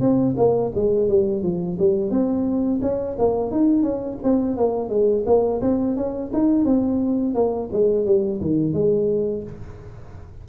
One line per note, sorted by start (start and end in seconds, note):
0.00 0.35 C4
0.37 0.72 A#3
0.75 1.08 G#3
1.08 1.43 G3
1.43 1.78 F3
1.79 2.11 G3
2.11 2.80 C4
2.82 3.16 C#4
3.19 3.51 A#3
3.51 3.83 D#4
3.83 4.18 C#4
4.23 4.57 C4
4.57 4.89 A#3
4.89 5.24 G#3
5.26 5.61 A#3
5.61 5.96 C4
5.97 6.31 C#4
6.33 6.65 D#4
6.65 7.34 C4
7.34 7.69 A#3
7.73 8.06 G#3
8.06 8.41 G3
8.41 8.73 D#3
8.73 9.43 G#3